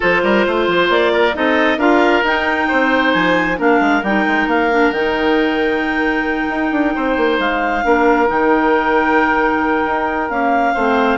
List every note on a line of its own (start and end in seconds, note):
0.00 0.23 F3
0.00 1.32 F4
0.00 0.21 A4
0.00 0.91 C5
0.23 0.45 G3
0.23 0.45 A#4
0.47 0.67 A3
0.47 1.12 C5
0.67 0.89 F3
0.89 1.34 A#3
0.89 1.35 D5
1.12 1.35 A#4
1.33 1.77 C4
1.33 1.77 D#4
1.33 1.78 A4
1.33 1.79 D#5
1.77 2.22 D4
1.77 2.23 F4
1.77 2.67 A#4
1.77 2.24 F5
2.23 2.67 D#4
2.23 3.57 D#4
2.23 3.13 G5
2.67 3.14 C4
2.67 3.57 C5
3.13 3.59 F3
3.13 3.58 G#5
3.57 3.80 A#3
3.57 4.01 D4
3.57 6.94 A#4
3.57 4.03 F5
3.80 4.02 G#3
4.02 4.25 G3
4.02 4.70 D#4
4.02 4.48 G5
4.27 4.46 G#3
4.46 4.90 A#3
4.46 4.92 F5
4.70 4.93 D4
4.90 6.47 D#3
4.90 7.83 D#4
4.90 7.38 G5
6.49 6.71 D#4
6.71 6.94 D4
6.95 7.16 C4
6.95 7.85 C5
7.16 7.38 A#3
7.38 7.83 G#3
7.38 8.29 F5
7.83 8.29 A#3
7.83 8.26 D4
7.83 10.74 A#4
8.26 9.85 D#3
8.26 10.28 D#4
8.26 10.29 G5
9.85 10.29 D#4
10.29 10.74 A#3
10.29 10.74 C#4
10.29 11.18 F5
10.74 11.18 A3
10.74 11.18 C4
10.74 11.18 C5